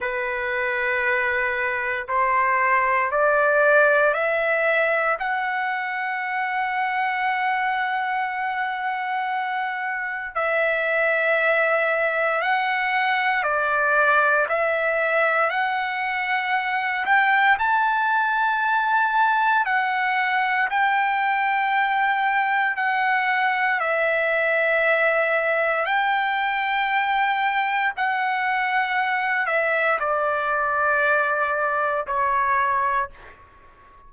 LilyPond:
\new Staff \with { instrumentName = "trumpet" } { \time 4/4 \tempo 4 = 58 b'2 c''4 d''4 | e''4 fis''2.~ | fis''2 e''2 | fis''4 d''4 e''4 fis''4~ |
fis''8 g''8 a''2 fis''4 | g''2 fis''4 e''4~ | e''4 g''2 fis''4~ | fis''8 e''8 d''2 cis''4 | }